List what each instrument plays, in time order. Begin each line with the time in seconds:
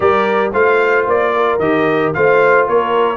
0.00 tuba G3, trombone G4, horn A#4, trumpet D5
0.52 tuba A3, trombone F4, horn C5, trumpet F5
1.06 tuba A#3, trumpet D5
1.35 horn A#4
1.59 tuba D#3, trombone G4, trumpet D#5
2.13 tuba A3, trombone F4, horn C5, trumpet F5
2.67 tuba A#3, horn A#4, trumpet C#5